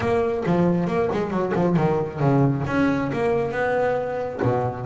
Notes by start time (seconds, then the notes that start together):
0.00 A#3
0.46 F3
0.87 A#3
1.12 G#3
1.30 F#3
1.55 F3
1.76 D#3
2.20 C#3
2.66 C#4
3.12 A#3
3.51 B3
4.42 B2